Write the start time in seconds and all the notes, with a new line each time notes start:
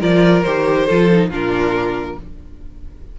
0.00 F3 F4 A#4 D5
0.43 D#3 G4 C5
0.86 F3 F4 A4
1.11 D#4
1.29 A#2 D4 F4 A#4